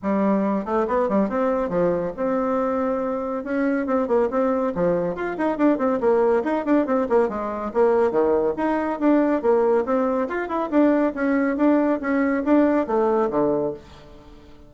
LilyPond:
\new Staff \with { instrumentName = "bassoon" } { \time 4/4 \tempo 4 = 140 g4. a8 b8 g8 c'4 | f4 c'2. | cis'4 c'8 ais8 c'4 f4 | f'8 dis'8 d'8 c'8 ais4 dis'8 d'8 |
c'8 ais8 gis4 ais4 dis4 | dis'4 d'4 ais4 c'4 | f'8 e'8 d'4 cis'4 d'4 | cis'4 d'4 a4 d4 | }